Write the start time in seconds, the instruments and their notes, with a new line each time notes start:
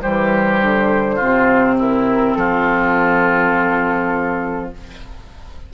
0.00 bassoon E3, clarinet G3, oboe G4, flute C5
0.61 bassoon D3
1.15 clarinet C4, oboe F4
1.22 bassoon C3
1.79 oboe E4, flute A#4
2.35 bassoon F3, oboe F4, flute A4